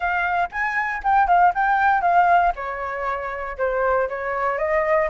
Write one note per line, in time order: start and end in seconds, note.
0.00 0.49 F5
0.51 1.02 G#5
1.03 1.27 G5
1.27 1.53 F5
1.54 2.01 G5
2.01 2.52 F5
2.55 3.57 C#5
3.57 4.08 C5
4.09 4.58 C#5
4.58 5.08 D#5